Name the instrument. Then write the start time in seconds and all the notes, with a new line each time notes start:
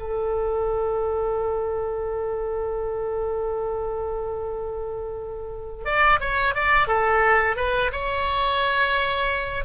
oboe
0.00 A4
5.85 D5
6.20 C#5
6.55 D5
6.88 A4
7.57 B4
7.92 C#5